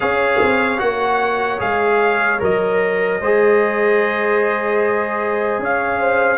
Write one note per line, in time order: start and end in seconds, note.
0.00 0.41 C#4
0.00 0.78 G#4
0.00 3.20 C#5
0.00 0.79 F5
0.41 0.80 C4
0.78 1.60 A#3
0.78 1.58 F#4
0.78 1.59 F#5
1.58 2.41 G#3
1.58 2.38 G#4
1.58 2.40 F5
2.39 3.20 F#3
2.39 3.19 A#4
2.39 5.63 D#5
3.20 5.58 G#3
3.20 6.37 G#4
3.20 5.60 C5
5.58 6.37 C#4
5.58 5.99 C#5
5.58 6.37 F5
5.99 6.37 C5